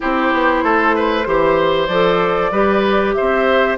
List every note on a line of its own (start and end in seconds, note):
0.00 0.32 C4
0.00 1.24 E4
0.00 0.63 G4
0.00 1.87 C5
0.32 0.63 B3
0.63 1.26 A3
0.63 0.95 A4
0.95 1.27 B4
1.25 1.88 E3
1.25 1.88 G4
1.25 2.51 C5
1.87 2.51 F3
1.87 2.52 A4
1.87 3.13 D5
2.51 3.14 G3
2.51 3.78 G4
2.51 3.14 B4
3.13 3.78 C5
3.13 3.77 E5
3.20 3.78 C4